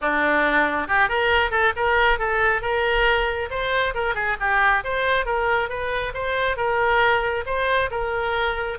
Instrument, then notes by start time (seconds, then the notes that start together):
oboe
0.01 D4
0.87 G4
1.08 A#4
1.50 A4
1.76 A#4
2.19 A4
2.61 A#4
3.50 C5
3.94 A#4
4.14 G#4
4.40 G4
4.84 C5
5.25 A#4
5.69 B4
6.14 C5
6.57 A#4
7.46 C5
7.90 A#4